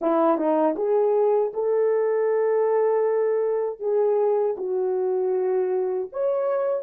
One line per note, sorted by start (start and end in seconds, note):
0.01 0.37 E4
0.37 0.75 D#4
0.76 1.52 G#4
1.53 3.79 A4
3.79 4.55 G#4
4.57 6.09 F#4
6.12 6.83 C#5